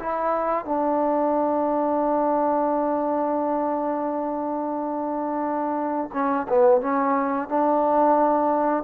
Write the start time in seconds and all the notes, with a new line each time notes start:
0.00 E4
0.65 D4
6.13 C#4
6.49 B3
6.81 C#4
7.49 D4